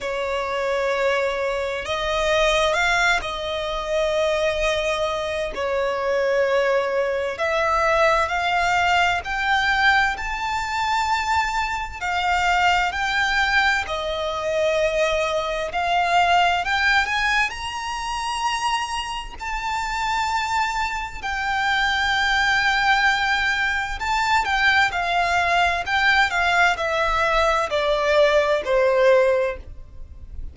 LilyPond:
\new Staff \with { instrumentName = "violin" } { \time 4/4 \tempo 4 = 65 cis''2 dis''4 f''8 dis''8~ | dis''2 cis''2 | e''4 f''4 g''4 a''4~ | a''4 f''4 g''4 dis''4~ |
dis''4 f''4 g''8 gis''8 ais''4~ | ais''4 a''2 g''4~ | g''2 a''8 g''8 f''4 | g''8 f''8 e''4 d''4 c''4 | }